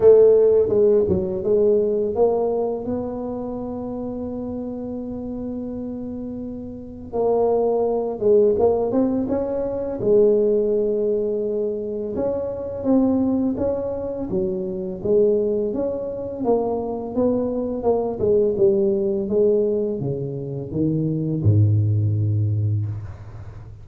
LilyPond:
\new Staff \with { instrumentName = "tuba" } { \time 4/4 \tempo 4 = 84 a4 gis8 fis8 gis4 ais4 | b1~ | b2 ais4. gis8 | ais8 c'8 cis'4 gis2~ |
gis4 cis'4 c'4 cis'4 | fis4 gis4 cis'4 ais4 | b4 ais8 gis8 g4 gis4 | cis4 dis4 gis,2 | }